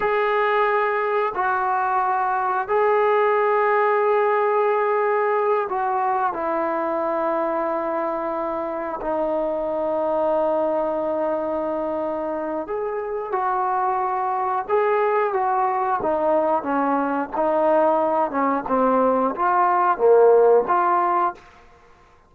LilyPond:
\new Staff \with { instrumentName = "trombone" } { \time 4/4 \tempo 4 = 90 gis'2 fis'2 | gis'1~ | gis'8 fis'4 e'2~ e'8~ | e'4. dis'2~ dis'8~ |
dis'2. gis'4 | fis'2 gis'4 fis'4 | dis'4 cis'4 dis'4. cis'8 | c'4 f'4 ais4 f'4 | }